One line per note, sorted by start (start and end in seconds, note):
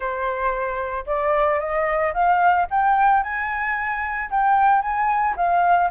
0.00 1.04 C5
1.06 1.59 D5
1.59 2.13 D#5
2.13 2.67 F5
2.70 3.23 G5
3.23 4.30 G#5
4.30 4.81 G5
4.81 5.34 G#5
5.36 5.90 F5